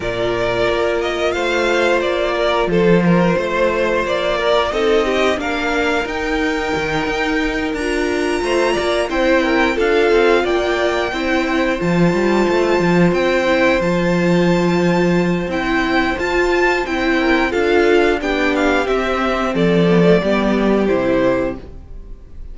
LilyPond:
<<
  \new Staff \with { instrumentName = "violin" } { \time 4/4 \tempo 4 = 89 d''4. dis''8 f''4 d''4 | c''2 d''4 dis''4 | f''4 g''2~ g''8 ais''8~ | ais''4. g''4 f''4 g''8~ |
g''4. a''2 g''8~ | g''8 a''2~ a''8 g''4 | a''4 g''4 f''4 g''8 f''8 | e''4 d''2 c''4 | }
  \new Staff \with { instrumentName = "violin" } { \time 4/4 ais'2 c''4. ais'8 | a'8 ais'8 c''4. ais'8 a'8 g'8 | ais'1~ | ais'8 c''8 d''8 c''8 ais'8 a'4 d''8~ |
d''8 c''2.~ c''8~ | c''1~ | c''4. ais'8 a'4 g'4~ | g'4 a'4 g'2 | }
  \new Staff \with { instrumentName = "viola" } { \time 4/4 f'1~ | f'2. dis'4 | d'4 dis'2~ dis'8 f'8~ | f'4. e'4 f'4.~ |
f'8 e'4 f'2~ f'8 | e'8 f'2~ f'8 e'4 | f'4 e'4 f'4 d'4 | c'4. b16 a16 b4 e'4 | }
  \new Staff \with { instrumentName = "cello" } { \time 4/4 ais,4 ais4 a4 ais4 | f4 a4 ais4 c'4 | ais4 dis'4 dis8 dis'4 d'8~ | d'8 a8 ais8 c'4 d'8 c'8 ais8~ |
ais8 c'4 f8 g8 a8 f8 c'8~ | c'8 f2~ f8 c'4 | f'4 c'4 d'4 b4 | c'4 f4 g4 c4 | }
>>